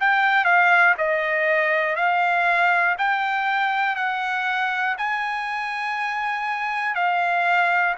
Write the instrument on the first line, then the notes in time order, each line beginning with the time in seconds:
trumpet
0.00 G5
0.45 F5
0.97 D#5
1.96 F5
2.98 G5
3.95 F#5
4.98 G#5
6.95 F5